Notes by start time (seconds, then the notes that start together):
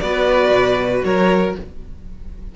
0.00 B3 F#4 B4 D5
0.50 B2
1.05 F#3 A#4 C#5